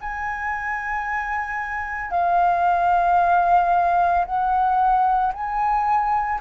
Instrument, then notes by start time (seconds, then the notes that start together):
flute
0.00 G#5
2.10 F5
4.25 F#5
5.33 G#5